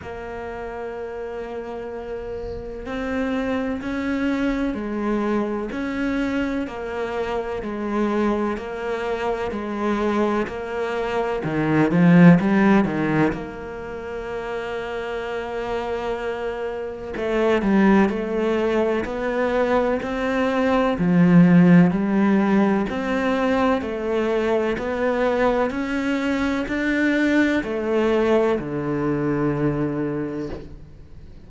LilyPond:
\new Staff \with { instrumentName = "cello" } { \time 4/4 \tempo 4 = 63 ais2. c'4 | cis'4 gis4 cis'4 ais4 | gis4 ais4 gis4 ais4 | dis8 f8 g8 dis8 ais2~ |
ais2 a8 g8 a4 | b4 c'4 f4 g4 | c'4 a4 b4 cis'4 | d'4 a4 d2 | }